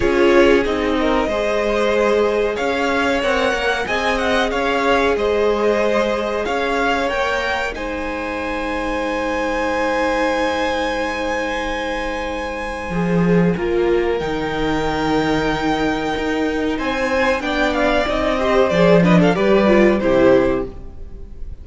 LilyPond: <<
  \new Staff \with { instrumentName = "violin" } { \time 4/4 \tempo 4 = 93 cis''4 dis''2. | f''4 fis''4 gis''8 fis''8 f''4 | dis''2 f''4 g''4 | gis''1~ |
gis''1~ | gis''2 g''2~ | g''2 gis''4 g''8 f''8 | dis''4 d''8 dis''16 f''16 d''4 c''4 | }
  \new Staff \with { instrumentName = "violin" } { \time 4/4 gis'4. ais'8 c''2 | cis''2 dis''4 cis''4 | c''2 cis''2 | c''1~ |
c''1~ | c''4 ais'2.~ | ais'2 c''4 d''4~ | d''8 c''4 b'16 a'16 b'4 g'4 | }
  \new Staff \with { instrumentName = "viola" } { \time 4/4 f'4 dis'4 gis'2~ | gis'4 ais'4 gis'2~ | gis'2. ais'4 | dis'1~ |
dis'1 | gis'4 f'4 dis'2~ | dis'2. d'4 | dis'8 g'8 gis'8 d'8 g'8 f'8 e'4 | }
  \new Staff \with { instrumentName = "cello" } { \time 4/4 cis'4 c'4 gis2 | cis'4 c'8 ais8 c'4 cis'4 | gis2 cis'4 ais4 | gis1~ |
gis1 | f4 ais4 dis2~ | dis4 dis'4 c'4 b4 | c'4 f4 g4 c4 | }
>>